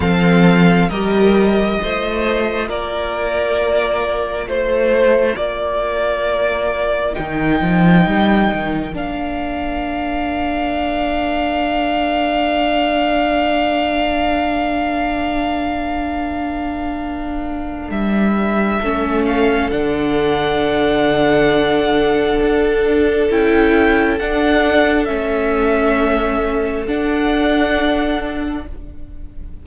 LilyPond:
<<
  \new Staff \with { instrumentName = "violin" } { \time 4/4 \tempo 4 = 67 f''4 dis''2 d''4~ | d''4 c''4 d''2 | g''2 f''2~ | f''1~ |
f''1 | e''4. f''8 fis''2~ | fis''2 g''4 fis''4 | e''2 fis''2 | }
  \new Staff \with { instrumentName = "violin" } { \time 4/4 a'4 ais'4 c''4 ais'4~ | ais'4 c''4 ais'2~ | ais'1~ | ais'1~ |
ais'1~ | ais'4 a'2.~ | a'1~ | a'1 | }
  \new Staff \with { instrumentName = "viola" } { \time 4/4 c'4 g'4 f'2~ | f'1 | dis'2 d'2~ | d'1~ |
d'1~ | d'4 cis'4 d'2~ | d'2 e'4 d'4 | cis'2 d'2 | }
  \new Staff \with { instrumentName = "cello" } { \time 4/4 f4 g4 a4 ais4~ | ais4 a4 ais2 | dis8 f8 g8 dis8 ais2~ | ais1~ |
ais1 | g4 a4 d2~ | d4 d'4 cis'4 d'4 | a2 d'2 | }
>>